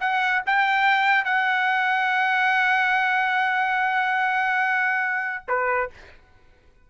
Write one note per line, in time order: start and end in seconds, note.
0.00 0.42 F#5
0.46 1.24 G5
1.24 5.44 F#5
5.48 5.90 B4